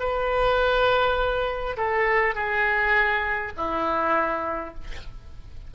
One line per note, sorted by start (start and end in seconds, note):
0.00 1.76 B4
1.77 2.35 A4
2.35 3.52 G#4
3.57 4.74 E4